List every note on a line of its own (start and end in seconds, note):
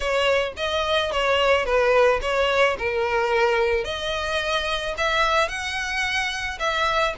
0.00 0.53 C#5
0.56 1.11 D#5
1.11 1.65 C#5
1.65 2.20 B4
2.21 2.76 C#5
2.78 3.84 A#4
3.84 4.94 D#5
4.97 5.48 E5
5.48 6.58 F#5
6.59 7.14 E5